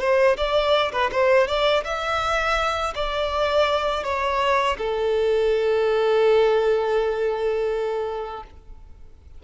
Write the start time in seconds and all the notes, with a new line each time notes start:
0.00 C5
0.37 D5
0.92 B4
1.11 C5
1.47 D5
1.84 E5
2.95 D5
4.04 C#5
4.78 A4